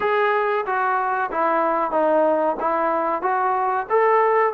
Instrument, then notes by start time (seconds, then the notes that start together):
trombone
0.00 G#4
0.65 F#4
1.31 E4
1.91 D#4
2.60 E4
3.22 F#4
3.89 A4